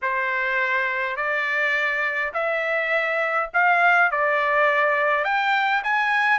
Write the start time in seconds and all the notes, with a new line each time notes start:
0.02 C5
1.16 D5
2.33 E5
3.53 F5
4.11 D5
5.24 G5
5.83 G#5